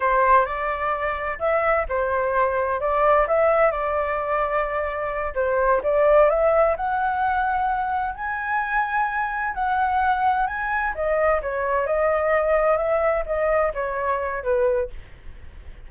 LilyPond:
\new Staff \with { instrumentName = "flute" } { \time 4/4 \tempo 4 = 129 c''4 d''2 e''4 | c''2 d''4 e''4 | d''2.~ d''8 c''8~ | c''8 d''4 e''4 fis''4.~ |
fis''4. gis''2~ gis''8~ | gis''8 fis''2 gis''4 dis''8~ | dis''8 cis''4 dis''2 e''8~ | e''8 dis''4 cis''4. b'4 | }